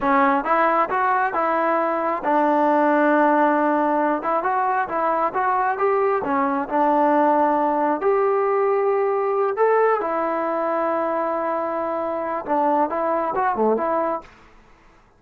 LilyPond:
\new Staff \with { instrumentName = "trombone" } { \time 4/4 \tempo 4 = 135 cis'4 e'4 fis'4 e'4~ | e'4 d'2.~ | d'4. e'8 fis'4 e'4 | fis'4 g'4 cis'4 d'4~ |
d'2 g'2~ | g'4. a'4 e'4.~ | e'1 | d'4 e'4 fis'8 a8 e'4 | }